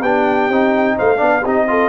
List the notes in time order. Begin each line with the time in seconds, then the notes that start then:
0.00 B3 D4 G4 G5
0.49 C4 D#4
0.96 A3 C5 F5
1.17 B3 D4 D5
1.42 C4 D#4 G4
1.48 D#5
1.67 F4 A4